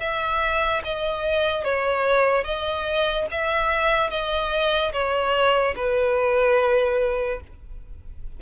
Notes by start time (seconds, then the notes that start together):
0.00 E5
0.84 D#5
1.64 C#5
2.44 D#5
3.31 E5
4.10 D#5
4.93 C#5
5.76 B4